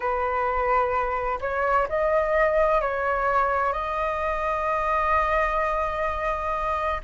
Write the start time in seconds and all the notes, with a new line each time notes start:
0.00 B4
1.40 C#5
1.88 D#5
2.81 C#5
3.72 D#5